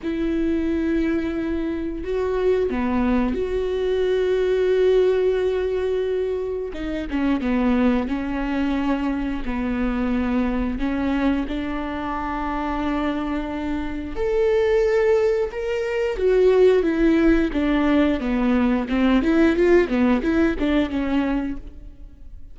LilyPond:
\new Staff \with { instrumentName = "viola" } { \time 4/4 \tempo 4 = 89 e'2. fis'4 | b4 fis'2.~ | fis'2 dis'8 cis'8 b4 | cis'2 b2 |
cis'4 d'2.~ | d'4 a'2 ais'4 | fis'4 e'4 d'4 b4 | c'8 e'8 f'8 b8 e'8 d'8 cis'4 | }